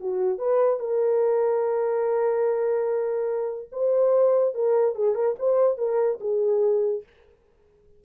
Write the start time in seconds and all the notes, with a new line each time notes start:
0.00 F#4
0.38 B4
0.79 A#4
3.72 C5
4.54 A#4
4.95 G#4
5.15 A#4
5.38 C5
5.78 A#4
6.20 G#4